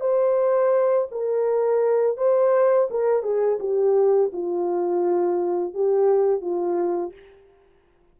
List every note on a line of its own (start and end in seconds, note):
0.00 1.07 C5
1.11 2.17 A#4
2.17 2.88 C5
2.90 3.22 A#4
3.22 3.58 G#4
3.59 4.31 G4
4.32 5.74 F4
5.74 6.41 G4
6.41 7.12 F4